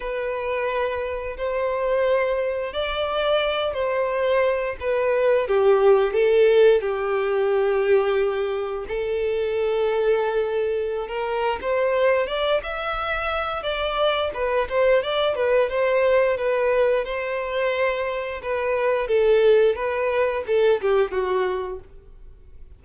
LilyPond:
\new Staff \with { instrumentName = "violin" } { \time 4/4 \tempo 4 = 88 b'2 c''2 | d''4. c''4. b'4 | g'4 a'4 g'2~ | g'4 a'2.~ |
a'16 ais'8. c''4 d''8 e''4. | d''4 b'8 c''8 d''8 b'8 c''4 | b'4 c''2 b'4 | a'4 b'4 a'8 g'8 fis'4 | }